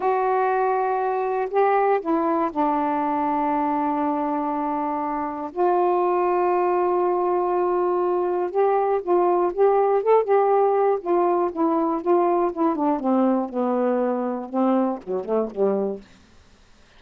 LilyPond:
\new Staff \with { instrumentName = "saxophone" } { \time 4/4 \tempo 4 = 120 fis'2. g'4 | e'4 d'2.~ | d'2. f'4~ | f'1~ |
f'4 g'4 f'4 g'4 | a'8 g'4. f'4 e'4 | f'4 e'8 d'8 c'4 b4~ | b4 c'4 fis8 a8 g4 | }